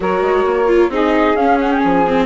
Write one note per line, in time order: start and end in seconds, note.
0.00 0.21 F#3
0.00 0.67 F#4
0.00 0.91 A#4
0.00 0.92 C#5
0.21 0.44 G#3
0.45 0.89 A#3
0.67 0.89 F4
0.89 1.34 C4
0.89 1.37 D#4
0.89 2.25 G#4
0.89 1.35 D#5
1.35 1.80 C#4
1.35 2.05 C#4
1.35 1.58 F5
1.60 1.71 F#5
1.71 1.79 G5
1.79 2.25 F3
1.79 2.24 G#5
2.07 2.25 C4